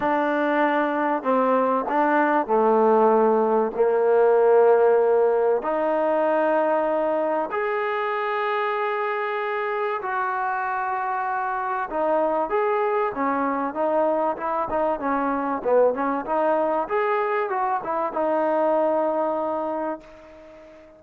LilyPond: \new Staff \with { instrumentName = "trombone" } { \time 4/4 \tempo 4 = 96 d'2 c'4 d'4 | a2 ais2~ | ais4 dis'2. | gis'1 |
fis'2. dis'4 | gis'4 cis'4 dis'4 e'8 dis'8 | cis'4 b8 cis'8 dis'4 gis'4 | fis'8 e'8 dis'2. | }